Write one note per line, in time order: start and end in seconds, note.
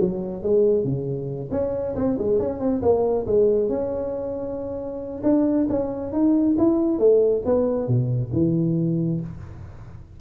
0.00 0.43 F#3
0.43 0.84 G#3
0.84 1.50 C#3
1.51 1.95 C#4
1.96 2.18 C4
2.18 2.39 G#3
2.39 2.60 C#4
2.60 2.81 C4
2.82 3.26 A#3
3.26 3.69 G#3
3.69 5.22 C#4
5.23 5.67 D4
5.69 6.13 C#4
6.13 6.56 D#4
6.58 6.99 E4
6.99 7.43 A3
7.45 7.88 B3
7.88 8.31 B2
8.33 9.20 E3